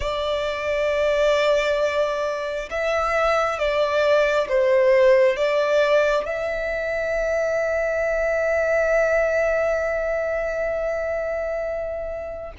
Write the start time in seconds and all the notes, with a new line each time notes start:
0.00 D5
2.70 E5
3.58 D5
4.49 C5
5.36 D5
6.25 E5